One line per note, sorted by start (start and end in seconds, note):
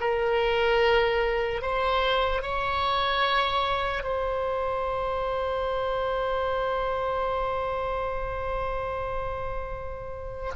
0.00 1.62 A#4
1.62 2.42 C5
2.42 4.03 C#5
4.03 10.52 C5